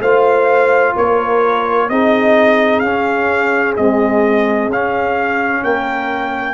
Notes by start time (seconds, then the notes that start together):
0.00 A3 F4 C5 F5
0.95 A#3 A#4 C#5
1.89 C4 D#4 G#4 D#5
2.79 C#4 F5
3.76 G#3 C4 D#5
4.69 C#4 F5
5.63 A#3 A#4 G5